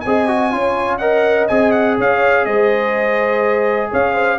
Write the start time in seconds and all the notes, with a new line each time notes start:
0.00 C4 D#5 G#5
0.06 G#4
0.28 F#4
0.51 C#4 F4 C#5
0.98 A#4 D#5 F#5
1.47 C4 G#4 G#5
1.71 F#5
1.97 C#4 C#5 F5
2.45 G#3 C5 D#5
3.91 C#4 C#5 F5
4.13 C5